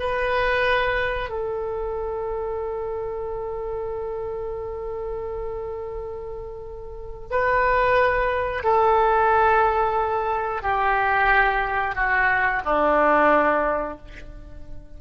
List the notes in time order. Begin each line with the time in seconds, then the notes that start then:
0.00 B4
1.30 A4
7.31 B4
8.64 A4
10.63 G4
11.96 F#4
12.65 D4